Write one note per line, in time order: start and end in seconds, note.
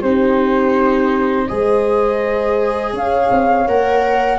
0.00 1.49 C4
0.00 1.48 D#4
0.00 1.46 G4
0.00 1.47 C5
1.47 2.93 G#3
1.47 3.68 G#4
1.47 2.94 C5
1.47 2.93 D#5
2.93 3.29 C#4
2.93 4.38 C#5
2.93 3.67 F5
3.30 3.67 C4
3.67 4.38 A#3
3.67 4.38 A#4
3.67 4.38 F#5